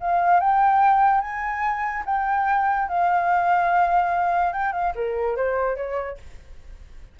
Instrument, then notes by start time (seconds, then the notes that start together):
flute
0.00 F5
0.40 G5
1.20 G#5
2.05 G5
2.88 F5
4.53 G5
4.72 F5
4.95 A#4
5.36 C5
5.76 C#5